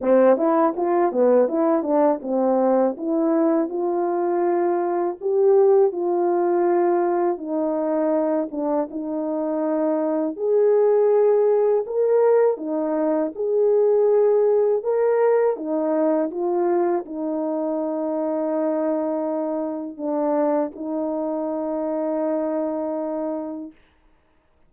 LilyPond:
\new Staff \with { instrumentName = "horn" } { \time 4/4 \tempo 4 = 81 c'8 e'8 f'8 b8 e'8 d'8 c'4 | e'4 f'2 g'4 | f'2 dis'4. d'8 | dis'2 gis'2 |
ais'4 dis'4 gis'2 | ais'4 dis'4 f'4 dis'4~ | dis'2. d'4 | dis'1 | }